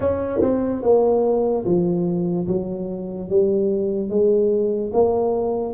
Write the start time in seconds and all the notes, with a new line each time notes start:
0.00 C#4
0.41 C4
0.82 A#3
1.65 F3
2.47 F#3
3.29 G3
4.09 G#3
4.93 A#3